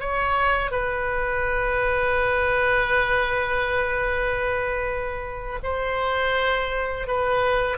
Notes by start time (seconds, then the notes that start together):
0.00 C#5
0.71 B4
5.63 C5
7.07 B4